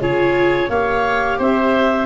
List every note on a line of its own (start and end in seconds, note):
0.00 0.69 C#3
0.00 0.69 F4
0.00 0.70 G#4
0.00 0.70 C#5
0.69 1.38 A#3
0.69 2.05 G4
0.69 1.38 C#5
0.69 1.39 F5
1.38 2.05 C4
1.38 2.05 C5
1.38 2.05 E5